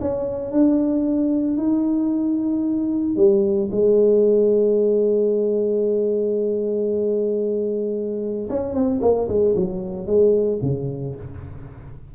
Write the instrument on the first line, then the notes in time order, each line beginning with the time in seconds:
tuba
0.00 C#4
0.51 D4
1.57 D#4
3.16 G3
3.71 G#3
8.49 C#4
8.73 C4
9.01 A#3
9.28 G#3
9.55 F#3
10.06 G#3
10.62 C#3